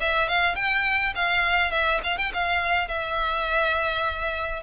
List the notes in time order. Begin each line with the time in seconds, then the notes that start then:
0.00 E5
0.28 F5
0.55 G5
1.15 F5
1.71 E5
2.03 F5
2.17 G5
2.33 F5
2.88 E5